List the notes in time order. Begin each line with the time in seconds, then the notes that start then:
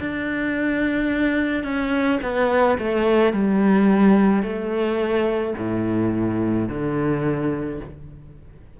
0.00 D4
1.64 C#4
2.22 B3
2.78 A3
3.33 G3
4.42 A3
5.58 A2
6.69 D3